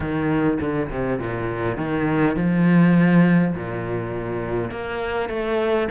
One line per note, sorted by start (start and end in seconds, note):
0.00 0.59 D#3
0.60 0.89 D3
0.90 1.19 C3
1.19 1.77 A#2
1.77 2.36 D#3
2.36 3.53 F3
3.55 4.71 A#2
4.71 5.29 A#3
5.29 5.87 A3